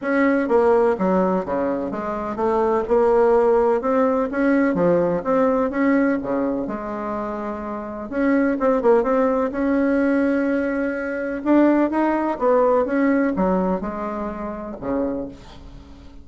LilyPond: \new Staff \with { instrumentName = "bassoon" } { \time 4/4 \tempo 4 = 126 cis'4 ais4 fis4 cis4 | gis4 a4 ais2 | c'4 cis'4 f4 c'4 | cis'4 cis4 gis2~ |
gis4 cis'4 c'8 ais8 c'4 | cis'1 | d'4 dis'4 b4 cis'4 | fis4 gis2 cis4 | }